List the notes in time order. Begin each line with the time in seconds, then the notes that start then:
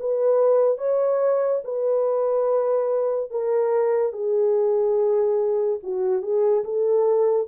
0.00 B4
0.78 C#5
1.64 B4
3.30 A#4
4.12 G#4
5.83 F#4
6.22 G#4
6.64 A4